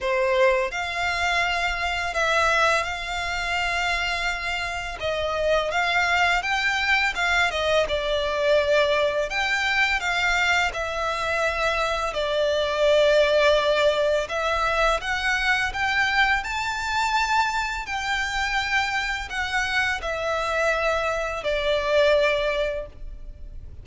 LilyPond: \new Staff \with { instrumentName = "violin" } { \time 4/4 \tempo 4 = 84 c''4 f''2 e''4 | f''2. dis''4 | f''4 g''4 f''8 dis''8 d''4~ | d''4 g''4 f''4 e''4~ |
e''4 d''2. | e''4 fis''4 g''4 a''4~ | a''4 g''2 fis''4 | e''2 d''2 | }